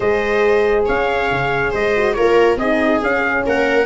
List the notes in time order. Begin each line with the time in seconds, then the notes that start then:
0.00 G#3 G#4 C5 D#5
0.85 C#4 C#5 F5
1.30 C#3
1.71 G#3 C5 D#5
1.96 F#4
2.13 A#3 F4 A#4 C#5
2.56 C4 G#4 D#5
2.62 D#4
3.02 C#4 F5
3.46 A#3 A#4 F#5